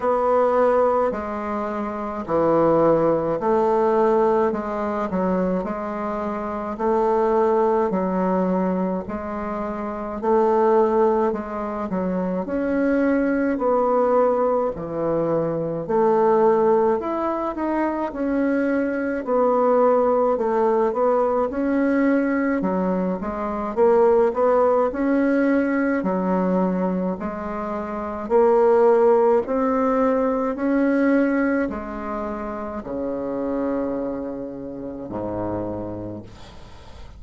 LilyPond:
\new Staff \with { instrumentName = "bassoon" } { \time 4/4 \tempo 4 = 53 b4 gis4 e4 a4 | gis8 fis8 gis4 a4 fis4 | gis4 a4 gis8 fis8 cis'4 | b4 e4 a4 e'8 dis'8 |
cis'4 b4 a8 b8 cis'4 | fis8 gis8 ais8 b8 cis'4 fis4 | gis4 ais4 c'4 cis'4 | gis4 cis2 gis,4 | }